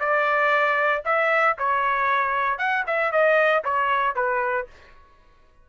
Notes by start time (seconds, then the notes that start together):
0.00 D5
1.05 E5
1.59 C#5
2.59 F#5
2.87 E5
3.12 D#5
3.65 C#5
4.16 B4